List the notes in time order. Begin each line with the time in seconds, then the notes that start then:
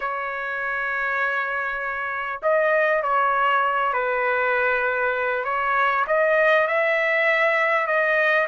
0.00 C#5
2.42 D#5
3.02 C#5
3.93 B4
5.44 C#5
6.07 D#5
6.67 E5
7.86 D#5